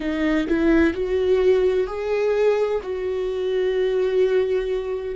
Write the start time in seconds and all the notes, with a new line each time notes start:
0.00 D#4
0.47 E4
0.93 F#4
1.87 G#4
2.83 F#4